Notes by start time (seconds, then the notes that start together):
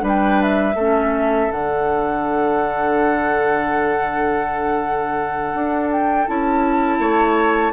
0.00 G3 D4 B4
0.08 G5
0.42 E5
0.75 A3 C#4 A4
1.51 D3 D4 F#5
5.54 D4
5.91 G5
6.28 C#4 E4 A5
6.99 A3 C#5